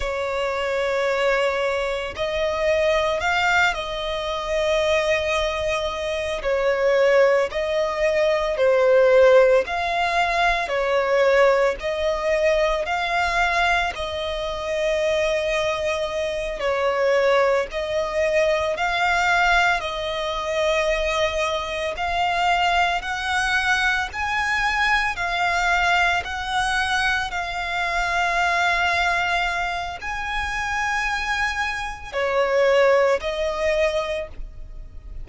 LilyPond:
\new Staff \with { instrumentName = "violin" } { \time 4/4 \tempo 4 = 56 cis''2 dis''4 f''8 dis''8~ | dis''2 cis''4 dis''4 | c''4 f''4 cis''4 dis''4 | f''4 dis''2~ dis''8 cis''8~ |
cis''8 dis''4 f''4 dis''4.~ | dis''8 f''4 fis''4 gis''4 f''8~ | f''8 fis''4 f''2~ f''8 | gis''2 cis''4 dis''4 | }